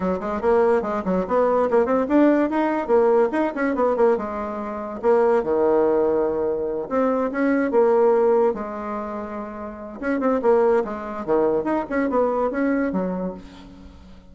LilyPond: \new Staff \with { instrumentName = "bassoon" } { \time 4/4 \tempo 4 = 144 fis8 gis8 ais4 gis8 fis8 b4 | ais8 c'8 d'4 dis'4 ais4 | dis'8 cis'8 b8 ais8 gis2 | ais4 dis2.~ |
dis8 c'4 cis'4 ais4.~ | ais8 gis2.~ gis8 | cis'8 c'8 ais4 gis4 dis4 | dis'8 cis'8 b4 cis'4 fis4 | }